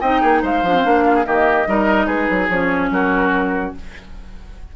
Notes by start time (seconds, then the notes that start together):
0.00 C4 D#4 D#5 G5
0.21 A#3 G#4
0.42 G#3 C5 F5
0.62 F3 D4
0.74 C4
0.84 A#3 D4
1.04 F4
1.14 G#4
1.24 D#3 A#3 G4 D#5
1.67 G3 D#4 A#4
2.06 G#3 G#4 B4
2.29 F#3
2.49 F3 C#4 C#5
2.90 F#3 F#4 A#4